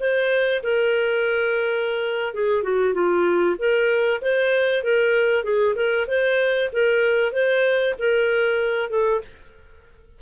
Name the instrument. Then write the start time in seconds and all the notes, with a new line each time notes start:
clarinet
0.00 C5
0.63 A#4
2.34 G#4
2.63 F#4
2.94 F4
3.59 A#4
4.22 C5
4.84 A#4
5.44 G#4
5.76 A#4
6.07 C5
6.73 A#4
7.32 C5
7.99 A#4
8.90 A4